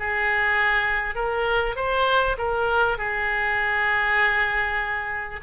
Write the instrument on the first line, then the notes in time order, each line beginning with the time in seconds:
oboe
0.00 G#4
1.15 A#4
1.76 C5
2.38 A#4
2.98 G#4